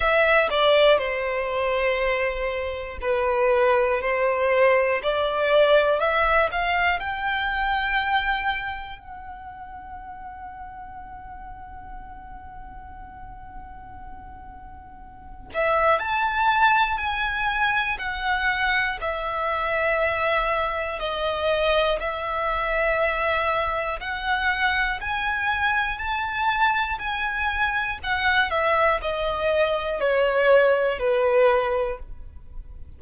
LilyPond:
\new Staff \with { instrumentName = "violin" } { \time 4/4 \tempo 4 = 60 e''8 d''8 c''2 b'4 | c''4 d''4 e''8 f''8 g''4~ | g''4 fis''2.~ | fis''2.~ fis''8 e''8 |
a''4 gis''4 fis''4 e''4~ | e''4 dis''4 e''2 | fis''4 gis''4 a''4 gis''4 | fis''8 e''8 dis''4 cis''4 b'4 | }